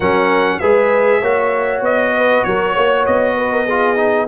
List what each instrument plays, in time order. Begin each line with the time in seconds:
0.00 tuba F#3, trombone C#4, horn A#4, trumpet F#5
0.59 tuba G#3, trombone G#4, horn B4, trumpet E5
1.20 tuba A#3, trombone F#4, horn C#5
1.81 tuba B3, trumpet D#5
2.17 horn B4
2.43 tuba F#3, horn A#4, trumpet C#5
2.73 tuba A#3, horn C#5
3.05 tuba B3, trumpet D#5
3.37 horn B4
3.52 horn A#4
3.66 trombone F4, horn G#4
3.96 trombone D#4